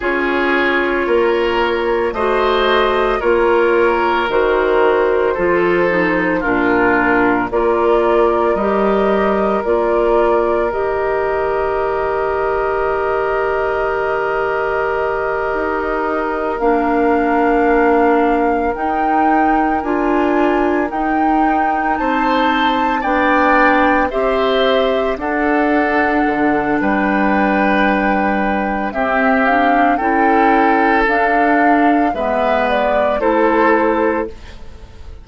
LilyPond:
<<
  \new Staff \with { instrumentName = "flute" } { \time 4/4 \tempo 4 = 56 cis''2 dis''4 cis''4 | c''2 ais'4 d''4 | dis''4 d''4 dis''2~ | dis''2.~ dis''8 f''8~ |
f''4. g''4 gis''4 g''8~ | g''8 a''4 g''4 e''4 fis''8~ | fis''4 g''2 e''8 f''8 | g''4 f''4 e''8 d''8 c''4 | }
  \new Staff \with { instrumentName = "oboe" } { \time 4/4 gis'4 ais'4 c''4 ais'4~ | ais'4 a'4 f'4 ais'4~ | ais'1~ | ais'1~ |
ais'1~ | ais'8 c''4 d''4 c''4 a'8~ | a'4 b'2 g'4 | a'2 b'4 a'4 | }
  \new Staff \with { instrumentName = "clarinet" } { \time 4/4 f'2 fis'4 f'4 | fis'4 f'8 dis'8 d'4 f'4 | g'4 f'4 g'2~ | g'2.~ g'8 d'8~ |
d'4. dis'4 f'4 dis'8~ | dis'4. d'4 g'4 d'8~ | d'2. c'8 d'8 | e'4 d'4 b4 e'4 | }
  \new Staff \with { instrumentName = "bassoon" } { \time 4/4 cis'4 ais4 a4 ais4 | dis4 f4 ais,4 ais4 | g4 ais4 dis2~ | dis2~ dis8 dis'4 ais8~ |
ais4. dis'4 d'4 dis'8~ | dis'8 c'4 b4 c'4 d'8~ | d'8 d8 g2 c'4 | cis'4 d'4 gis4 a4 | }
>>